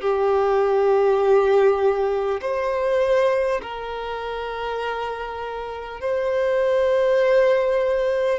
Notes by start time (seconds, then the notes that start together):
0.00 G4
2.41 C5
3.62 A#4
6.00 C5